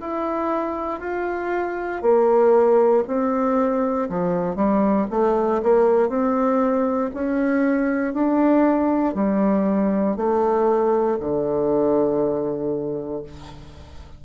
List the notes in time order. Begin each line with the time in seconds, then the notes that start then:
0.00 E4
1.00 F4
2.02 A#3
3.07 C4
4.09 F3
4.55 G3
5.10 A3
5.63 A#3
6.08 C4
7.14 C#4
8.14 D4
9.14 G3
10.16 A3
11.20 D3